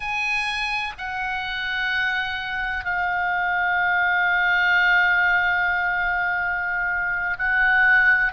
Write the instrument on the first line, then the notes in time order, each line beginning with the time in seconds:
oboe
0.00 G#5
0.98 F#5
2.84 F5
7.38 F#5